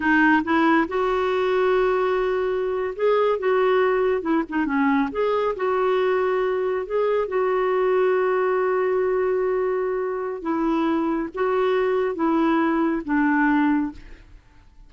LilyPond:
\new Staff \with { instrumentName = "clarinet" } { \time 4/4 \tempo 4 = 138 dis'4 e'4 fis'2~ | fis'2~ fis'8. gis'4 fis'16~ | fis'4.~ fis'16 e'8 dis'8 cis'4 gis'16~ | gis'8. fis'2. gis'16~ |
gis'8. fis'2.~ fis'16~ | fis'1 | e'2 fis'2 | e'2 d'2 | }